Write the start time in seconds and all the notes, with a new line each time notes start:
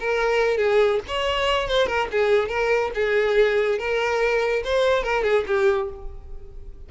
0.00 A#4
0.57 G#4
1.08 C#5
1.68 C5
1.87 A#4
2.11 G#4
2.49 A#4
2.95 G#4
3.79 A#4
4.64 C5
5.03 A#4
5.23 G#4
5.47 G4